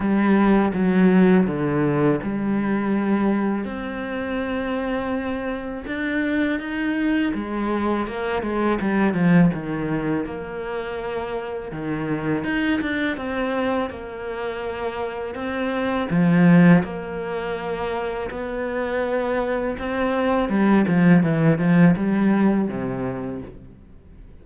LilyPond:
\new Staff \with { instrumentName = "cello" } { \time 4/4 \tempo 4 = 82 g4 fis4 d4 g4~ | g4 c'2. | d'4 dis'4 gis4 ais8 gis8 | g8 f8 dis4 ais2 |
dis4 dis'8 d'8 c'4 ais4~ | ais4 c'4 f4 ais4~ | ais4 b2 c'4 | g8 f8 e8 f8 g4 c4 | }